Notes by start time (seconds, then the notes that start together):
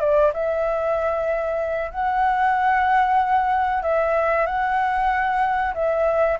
0.00 D5
0.33 E5
1.91 F#5
3.83 E5
4.46 F#5
5.74 E5